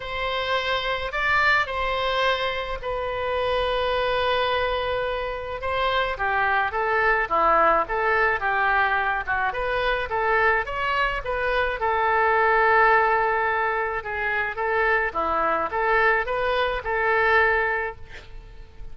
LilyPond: \new Staff \with { instrumentName = "oboe" } { \time 4/4 \tempo 4 = 107 c''2 d''4 c''4~ | c''4 b'2.~ | b'2 c''4 g'4 | a'4 e'4 a'4 g'4~ |
g'8 fis'8 b'4 a'4 cis''4 | b'4 a'2.~ | a'4 gis'4 a'4 e'4 | a'4 b'4 a'2 | }